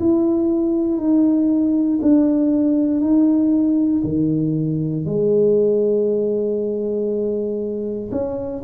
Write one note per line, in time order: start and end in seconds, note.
0.00 0.98 E4
0.98 2.00 D#4
2.02 3.01 D4
3.01 4.03 D#4
4.04 5.06 D#3
5.06 8.11 G#3
8.12 8.63 C#4